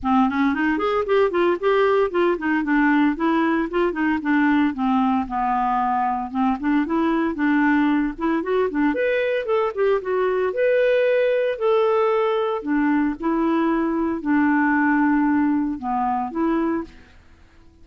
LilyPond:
\new Staff \with { instrumentName = "clarinet" } { \time 4/4 \tempo 4 = 114 c'8 cis'8 dis'8 gis'8 g'8 f'8 g'4 | f'8 dis'8 d'4 e'4 f'8 dis'8 | d'4 c'4 b2 | c'8 d'8 e'4 d'4. e'8 |
fis'8 d'8 b'4 a'8 g'8 fis'4 | b'2 a'2 | d'4 e'2 d'4~ | d'2 b4 e'4 | }